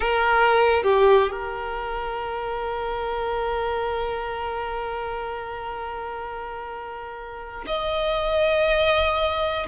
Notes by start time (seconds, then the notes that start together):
0.00 A#4
0.83 G4
1.31 A#4
7.66 D#5